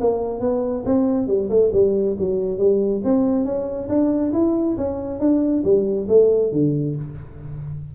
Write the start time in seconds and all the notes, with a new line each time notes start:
0.00 A#3
0.40 B3
0.85 C4
1.27 G3
1.49 A3
1.73 G3
2.18 F#3
2.58 G3
3.04 C4
3.44 C#4
3.88 D4
4.32 E4
4.77 C#4
5.19 D4
5.63 G3
6.08 A3
6.51 D3